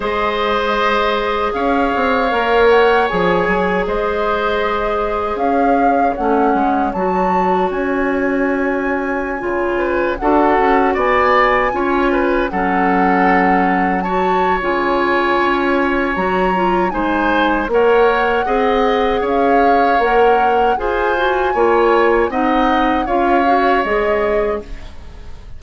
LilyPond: <<
  \new Staff \with { instrumentName = "flute" } { \time 4/4 \tempo 4 = 78 dis''2 f''4. fis''8 | gis''4 dis''2 f''4 | fis''4 a''4 gis''2~ | gis''4~ gis''16 fis''4 gis''4.~ gis''16~ |
gis''16 fis''2 a''8. gis''4~ | gis''4 ais''4 gis''4 fis''4~ | fis''4 f''4 fis''4 gis''4~ | gis''4 fis''4 f''4 dis''4 | }
  \new Staff \with { instrumentName = "oboe" } { \time 4/4 c''2 cis''2~ | cis''4 c''2 cis''4~ | cis''1~ | cis''8. b'8 a'4 d''4 cis''8 b'16~ |
b'16 a'2 cis''4.~ cis''16~ | cis''2 c''4 cis''4 | dis''4 cis''2 c''4 | cis''4 dis''4 cis''2 | }
  \new Staff \with { instrumentName = "clarinet" } { \time 4/4 gis'2. ais'4 | gis'1 | cis'4 fis'2.~ | fis'16 f'4 fis'2 f'8.~ |
f'16 cis'2 fis'8. f'4~ | f'4 fis'8 f'8 dis'4 ais'4 | gis'2 ais'4 gis'8 fis'8 | f'4 dis'4 f'8 fis'8 gis'4 | }
  \new Staff \with { instrumentName = "bassoon" } { \time 4/4 gis2 cis'8 c'8 ais4 | f8 fis8 gis2 cis'4 | a8 gis8 fis4 cis'2~ | cis'16 cis4 d'8 cis'8 b4 cis'8.~ |
cis'16 fis2~ fis8. cis4 | cis'4 fis4 gis4 ais4 | c'4 cis'4 ais4 f'4 | ais4 c'4 cis'4 gis4 | }
>>